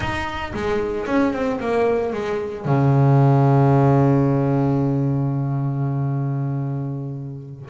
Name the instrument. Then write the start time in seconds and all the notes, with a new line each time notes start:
double bass
0.00 D#4
0.53 G#3
1.06 C#4
1.33 C4
1.60 A#3
2.12 G#3
2.65 C#3